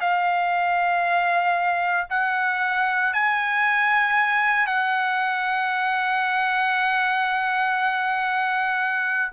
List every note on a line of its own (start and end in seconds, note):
0.00 2.07 F5
2.10 3.13 F#5
3.13 4.66 G#5
4.66 9.32 F#5